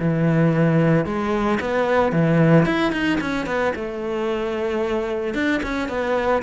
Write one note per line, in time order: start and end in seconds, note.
0.00 1.06 E3
1.06 1.59 G#3
1.61 2.13 B3
2.13 2.66 E3
2.66 2.93 E4
2.93 3.19 D#4
3.21 3.47 C#4
3.47 3.74 B3
3.76 5.35 A3
5.35 5.62 D4
5.64 5.89 C#4
5.89 6.43 B3